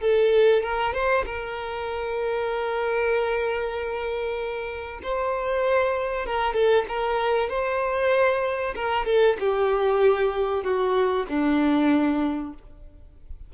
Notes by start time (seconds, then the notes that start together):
0.00 A4
0.62 A#4
0.93 C5
1.25 A#4
5.02 C5
6.26 A#4
6.54 A4
6.88 A#4
7.49 C5
8.75 A#4
9.05 A4
9.39 G4
10.63 F#4
11.28 D4